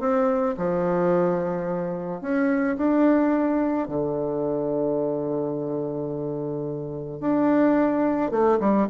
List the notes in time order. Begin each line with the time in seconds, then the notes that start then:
0.00 C4
0.57 F3
2.21 C#4
2.77 D4
3.88 D3
7.20 D4
8.31 A3
8.60 G3